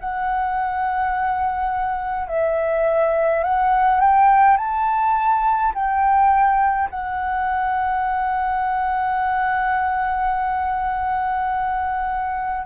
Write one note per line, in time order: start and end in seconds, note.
0.00 2.28 F#5
2.28 3.44 E5
3.44 4.01 F#5
4.01 4.57 G5
4.57 5.73 A5
5.74 6.90 G5
6.90 12.66 F#5